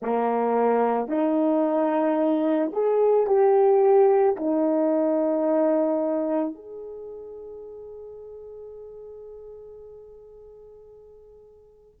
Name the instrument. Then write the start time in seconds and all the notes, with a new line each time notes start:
horn
0.01 A#3
1.08 D#4
2.72 G#4
3.27 G4
4.36 D#4
6.55 G#4